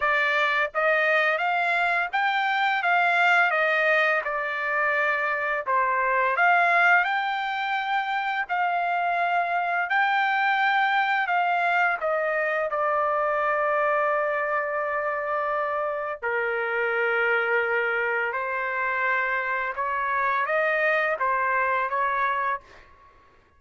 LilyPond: \new Staff \with { instrumentName = "trumpet" } { \time 4/4 \tempo 4 = 85 d''4 dis''4 f''4 g''4 | f''4 dis''4 d''2 | c''4 f''4 g''2 | f''2 g''2 |
f''4 dis''4 d''2~ | d''2. ais'4~ | ais'2 c''2 | cis''4 dis''4 c''4 cis''4 | }